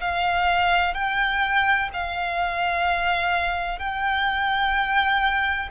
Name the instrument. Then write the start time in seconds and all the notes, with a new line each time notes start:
violin
0.00 F5
0.94 G5
1.93 F5
3.78 G5